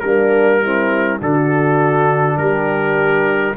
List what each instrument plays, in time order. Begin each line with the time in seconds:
0.00 tuba G3, trombone A#3, horn D4, trumpet A#4
0.62 trombone C4, horn E4
1.20 tuba D3, trombone D4, horn F#4, trumpet A4
2.37 tuba G3, horn G4, trumpet A#4